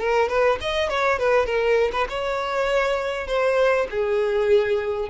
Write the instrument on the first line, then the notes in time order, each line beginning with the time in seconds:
violin
0.00 A#4
0.29 B4
0.61 D#5
0.90 C#5
1.19 B4
1.47 A#4
1.93 B4
2.10 C#5
3.28 C5
3.91 G#4